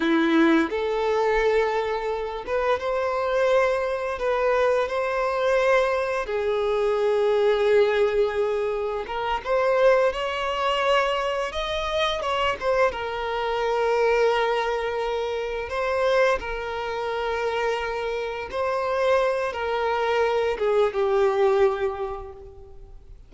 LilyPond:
\new Staff \with { instrumentName = "violin" } { \time 4/4 \tempo 4 = 86 e'4 a'2~ a'8 b'8 | c''2 b'4 c''4~ | c''4 gis'2.~ | gis'4 ais'8 c''4 cis''4.~ |
cis''8 dis''4 cis''8 c''8 ais'4.~ | ais'2~ ais'8 c''4 ais'8~ | ais'2~ ais'8 c''4. | ais'4. gis'8 g'2 | }